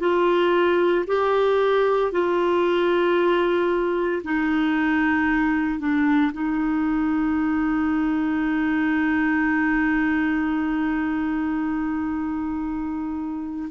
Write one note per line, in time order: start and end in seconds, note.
0.00 1.05 F4
1.07 2.12 G4
2.12 4.22 F4
4.24 5.79 D#4
5.79 6.32 D4
6.33 13.70 D#4